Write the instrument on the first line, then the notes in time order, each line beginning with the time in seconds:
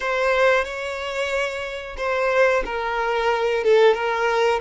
violin
0.00 C5
0.64 C#5
1.97 C5
2.65 A#4
3.64 A4
3.94 A#4